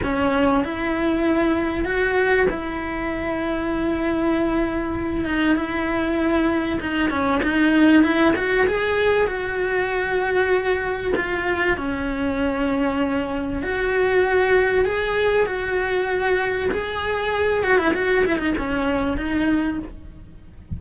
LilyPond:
\new Staff \with { instrumentName = "cello" } { \time 4/4 \tempo 4 = 97 cis'4 e'2 fis'4 | e'1~ | e'8 dis'8 e'2 dis'8 cis'8 | dis'4 e'8 fis'8 gis'4 fis'4~ |
fis'2 f'4 cis'4~ | cis'2 fis'2 | gis'4 fis'2 gis'4~ | gis'8 fis'16 e'16 fis'8 e'16 dis'16 cis'4 dis'4 | }